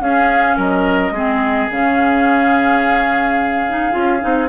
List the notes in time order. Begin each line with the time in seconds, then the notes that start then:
0.00 C#4 G#4 F5
0.57 F#3 A#4 D#5
1.11 G#3 C4 G#4
1.71 C#3 C#4 F5
3.69 D#4
3.91 C#4 F4
4.20 C4 D#4